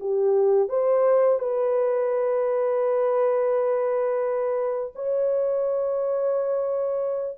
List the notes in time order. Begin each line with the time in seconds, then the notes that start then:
0.00 G4
0.68 C5
1.39 B4
4.95 C#5